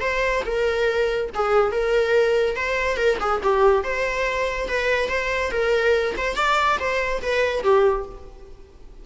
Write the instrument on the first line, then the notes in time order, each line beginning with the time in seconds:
viola
0.00 C5
0.45 A#4
1.34 G#4
1.71 A#4
2.55 C5
2.96 A#4
3.20 G#4
3.42 G4
3.83 C5
4.68 B4
5.08 C5
5.51 A#4
6.17 C5
6.35 D5
6.79 C5
7.22 B4
7.63 G4